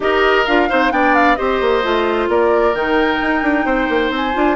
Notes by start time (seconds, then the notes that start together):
0.00 D#4 G4 A#4 D#5
0.46 D4 F4 F5
0.68 C4 D#4 C5
0.91 B3 D4 D5 G5
1.14 F5
1.35 C4 G4 C5 D#5
1.61 A#3
1.82 A3 F4
2.28 A#3 A#4 D5
2.74 D#3 D#4 G5
3.21 D#4
3.42 D4
3.65 C4 C5
3.89 A#3
4.10 C4
4.16 G#5
4.33 D4 F4